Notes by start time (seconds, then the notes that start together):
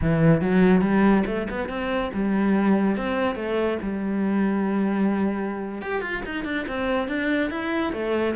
0.01 E3
0.41 F#3
0.81 G3
1.26 A3
1.50 B3
1.68 C4
2.13 G3
2.96 C4
3.35 A3
3.81 G3
5.81 G4
6.01 F4
6.25 D#4
6.44 D4
6.68 C4
7.08 D4
7.50 E4
7.92 A3